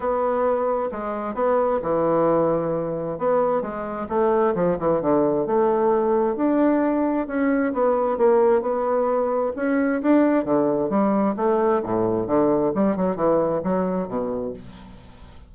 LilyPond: \new Staff \with { instrumentName = "bassoon" } { \time 4/4 \tempo 4 = 132 b2 gis4 b4 | e2. b4 | gis4 a4 f8 e8 d4 | a2 d'2 |
cis'4 b4 ais4 b4~ | b4 cis'4 d'4 d4 | g4 a4 a,4 d4 | g8 fis8 e4 fis4 b,4 | }